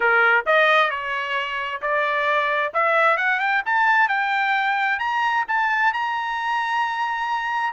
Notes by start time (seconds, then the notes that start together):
0.00 A#4
0.45 D#5
0.90 C#5
1.81 D5
2.73 E5
3.17 F#5
3.39 G5
3.65 A5
4.08 G5
4.99 A#5
5.48 A5
5.93 A#5